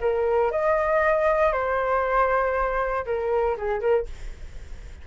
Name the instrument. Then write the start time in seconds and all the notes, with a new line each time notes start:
flute
0.00 A#4
0.51 D#5
1.52 C5
3.06 A#4
3.57 G#4
3.80 A#4